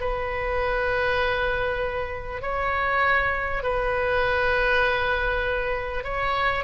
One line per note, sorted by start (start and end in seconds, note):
0.00 2.42 B4
2.42 3.63 C#5
3.63 6.04 B4
6.04 6.64 C#5